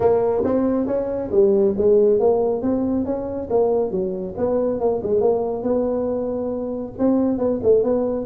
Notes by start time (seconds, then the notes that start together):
0.00 A#3
0.43 C4
0.86 C#4
1.31 G3
1.77 G#3
2.19 A#3
2.61 C4
3.05 C#4
3.50 A#3
3.91 F#3
4.37 B3
4.79 A#3
5.03 G#3
5.21 A#3
5.62 B3
6.98 C4
7.38 B3
7.63 A3
7.83 B3